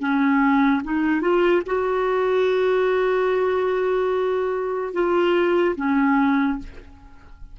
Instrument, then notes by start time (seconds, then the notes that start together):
clarinet
0.00 C#4
0.84 D#4
1.21 F4
1.66 F#4
4.94 F4
5.77 C#4